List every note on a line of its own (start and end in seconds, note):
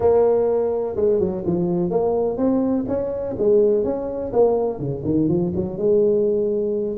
0.00 0.96 A#3
0.96 1.19 G#3
1.19 1.43 F#3
1.46 1.90 F3
1.90 2.37 A#3
2.37 2.85 C4
2.88 3.36 C#4
3.38 3.84 G#3
3.84 4.32 C#4
4.32 4.79 A#3
4.79 5.03 C#3
5.04 5.28 D#3
5.28 5.52 F3
5.55 5.77 F#3
5.77 6.97 G#3